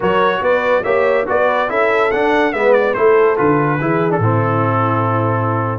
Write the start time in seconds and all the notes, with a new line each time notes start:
0.00 F#3 F#4 A#4 C#5
0.41 B3 B4 D5
0.83 A#3 G4 C#5 E5
1.26 B3 F#4 B4 D5
1.68 C#4 E4 A4 E5
2.11 D4 F#5
2.52 G#3 B3 B4 E5
2.72 D5
2.94 A3 E4 A4 C5
3.36 D3 F4 B4
3.80 E3 E4 G#4
4.10 D4 A4
4.19 A2 C4 E4